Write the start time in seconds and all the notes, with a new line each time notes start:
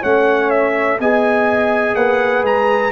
0.00 A3 C#4 C#5 F#5
0.50 E5
0.99 B3 G#4 D#5 G#5
1.95 A#3 B4 F#5
2.43 G#3 A#5